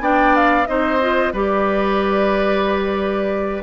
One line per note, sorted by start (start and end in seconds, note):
0.00 0.66 B3
0.00 0.66 D4
0.00 0.68 D5
0.00 0.36 G5
0.36 0.67 F5
0.67 1.33 C4
0.67 1.00 D#4
0.67 1.33 C5
0.67 1.33 D#5
1.01 1.34 F4
1.33 3.63 G3
1.33 3.63 G4
1.33 3.63 B4
1.33 3.63 D5